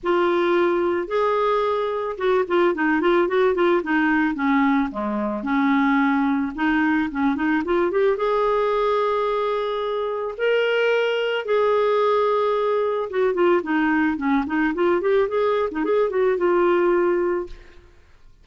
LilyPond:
\new Staff \with { instrumentName = "clarinet" } { \time 4/4 \tempo 4 = 110 f'2 gis'2 | fis'8 f'8 dis'8 f'8 fis'8 f'8 dis'4 | cis'4 gis4 cis'2 | dis'4 cis'8 dis'8 f'8 g'8 gis'4~ |
gis'2. ais'4~ | ais'4 gis'2. | fis'8 f'8 dis'4 cis'8 dis'8 f'8 g'8 | gis'8. dis'16 gis'8 fis'8 f'2 | }